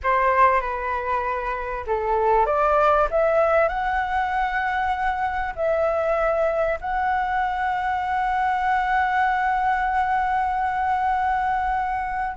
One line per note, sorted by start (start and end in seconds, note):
0.03 0.60 C5
0.60 1.84 B4
1.86 2.46 A4
2.46 3.08 D5
3.10 3.68 E5
3.68 5.54 F#5
5.55 6.79 E5
6.80 12.37 F#5